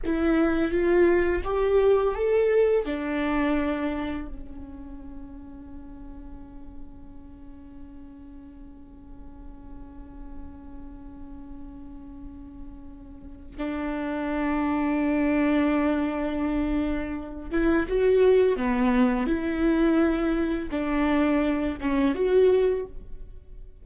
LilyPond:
\new Staff \with { instrumentName = "viola" } { \time 4/4 \tempo 4 = 84 e'4 f'4 g'4 a'4 | d'2 cis'2~ | cis'1~ | cis'1~ |
cis'2. d'4~ | d'1~ | d'8 e'8 fis'4 b4 e'4~ | e'4 d'4. cis'8 fis'4 | }